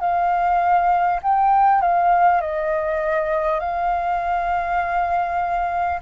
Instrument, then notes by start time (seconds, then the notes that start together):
flute
0.00 F5
1.22 G5
1.81 F5
2.41 D#5
3.59 F5